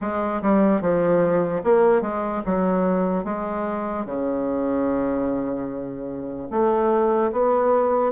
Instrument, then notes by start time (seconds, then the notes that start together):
bassoon
0.01 G#3
0.42 G3
0.81 F3
1.63 A#3
2.01 G#3
2.45 F#3
3.24 G#3
4.05 C#3
6.50 A3
7.32 B3